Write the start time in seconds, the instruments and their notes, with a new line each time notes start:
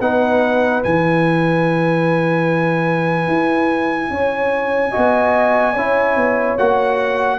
0.00 tuba B3, trombone D#4, horn B4, trumpet F#5
0.83 tuba E3, trombone E4, trumpet G#5
3.27 tuba E4
4.10 tuba C#4, horn C#5
4.91 tuba B3, trombone F#4, horn D#5
5.73 tuba C#4, trombone E4, horn C#5
6.16 tuba B3
6.58 tuba A#3, trombone F#4, trumpet F#5